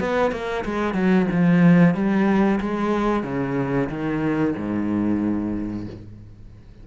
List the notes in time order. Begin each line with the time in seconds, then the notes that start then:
0.00 B3
0.31 A#3
0.65 G#3
0.94 F#3
1.31 F3
1.94 G3
2.60 G#3
3.23 C#3
3.89 D#3
4.56 G#2